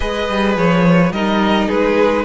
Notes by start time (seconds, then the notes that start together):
0.00 G#3 G#4 B4 D#5
0.28 G3
0.56 F3 C#5
1.11 G3 D#4 A#4 D#5
1.68 G#3 G#4 B4